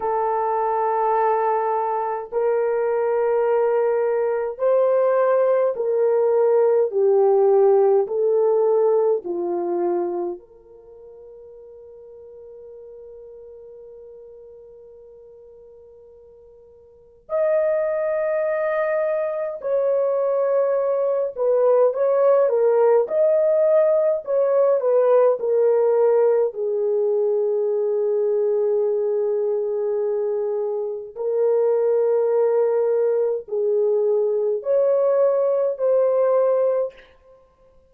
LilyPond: \new Staff \with { instrumentName = "horn" } { \time 4/4 \tempo 4 = 52 a'2 ais'2 | c''4 ais'4 g'4 a'4 | f'4 ais'2.~ | ais'2. dis''4~ |
dis''4 cis''4. b'8 cis''8 ais'8 | dis''4 cis''8 b'8 ais'4 gis'4~ | gis'2. ais'4~ | ais'4 gis'4 cis''4 c''4 | }